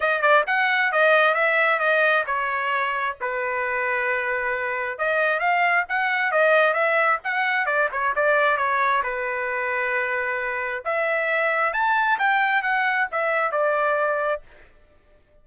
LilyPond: \new Staff \with { instrumentName = "trumpet" } { \time 4/4 \tempo 4 = 133 dis''8 d''8 fis''4 dis''4 e''4 | dis''4 cis''2 b'4~ | b'2. dis''4 | f''4 fis''4 dis''4 e''4 |
fis''4 d''8 cis''8 d''4 cis''4 | b'1 | e''2 a''4 g''4 | fis''4 e''4 d''2 | }